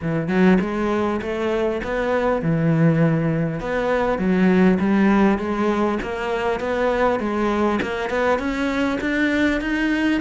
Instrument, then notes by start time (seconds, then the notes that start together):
cello
0.02 E3
0.28 F#3
0.60 G#3
1.21 A3
1.83 B3
2.42 E3
3.59 B3
4.18 F#3
4.79 G3
5.38 G#3
6.02 A#3
6.60 B3
7.19 G#3
7.82 A#3
8.09 B3
8.38 C#4
9.00 D4
9.60 D#4